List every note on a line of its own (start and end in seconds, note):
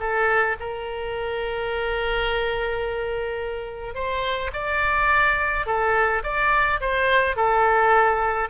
0.00 0.57 A4
0.60 3.95 A#4
3.95 4.51 C5
4.53 5.66 D5
5.66 6.23 A4
6.24 6.80 D5
6.81 7.37 C5
7.37 8.50 A4